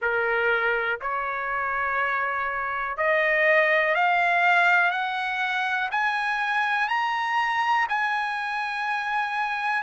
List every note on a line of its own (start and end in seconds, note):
0.01 0.99 A#4
1.01 2.97 C#5
2.97 3.94 D#5
3.94 4.90 F5
4.90 5.89 F#5
5.91 6.88 G#5
6.88 7.86 A#5
7.88 9.82 G#5